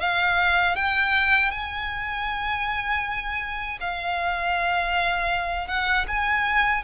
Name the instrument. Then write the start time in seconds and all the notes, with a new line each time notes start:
violin
0.00 F5
0.76 G5
1.51 G#5
3.80 F5
5.68 F#5
6.08 G#5